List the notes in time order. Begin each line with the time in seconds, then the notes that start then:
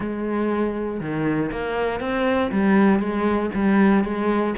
0.00 G#3
1.00 D#3
1.51 A#3
2.00 C4
2.51 G3
2.99 G#3
3.54 G3
4.03 G#3